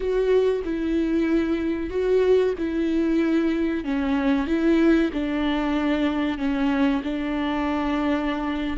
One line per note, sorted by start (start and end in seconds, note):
0.00 0.62 F#4
0.64 1.90 E4
1.90 2.54 F#4
2.58 3.84 E4
3.84 4.47 C#4
4.47 5.10 E4
5.12 6.38 D4
6.38 7.02 C#4
7.03 8.77 D4